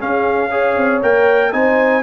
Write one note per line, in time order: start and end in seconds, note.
0.00 0.50 C#4
0.00 0.77 C#4
0.00 0.51 G#4
0.00 1.03 F5
0.51 1.01 G#4
0.51 1.52 C#5
0.77 1.02 C4
1.03 1.53 A#3
1.03 1.53 A#4
1.03 1.53 G5
1.53 2.03 C4
1.53 2.03 D#4
1.53 2.03 C5
1.53 2.03 G#5